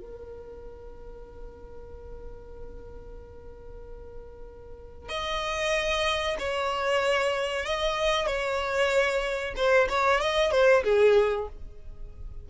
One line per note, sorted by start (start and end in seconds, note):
0.00 5.09 A#4
5.09 6.37 D#5
6.39 7.66 C#5
7.66 8.27 D#5
8.27 9.55 C#5
9.57 9.88 C5
9.89 10.21 C#5
10.21 10.52 D#5
10.52 10.84 C5
10.85 11.48 G#4